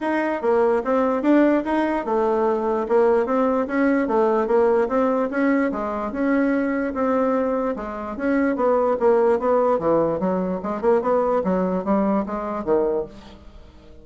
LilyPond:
\new Staff \with { instrumentName = "bassoon" } { \time 4/4 \tempo 4 = 147 dis'4 ais4 c'4 d'4 | dis'4 a2 ais4 | c'4 cis'4 a4 ais4 | c'4 cis'4 gis4 cis'4~ |
cis'4 c'2 gis4 | cis'4 b4 ais4 b4 | e4 fis4 gis8 ais8 b4 | fis4 g4 gis4 dis4 | }